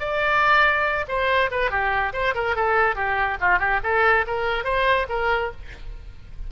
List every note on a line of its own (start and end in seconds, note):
0.00 1.06 D5
1.08 1.51 C5
1.51 1.71 B4
1.71 2.13 G4
2.13 2.35 C5
2.35 2.56 A#4
2.56 2.96 A4
2.96 3.38 G4
3.41 3.59 F4
3.59 3.80 G4
3.84 4.26 A4
4.27 4.65 A#4
4.65 5.07 C5
5.09 5.52 A#4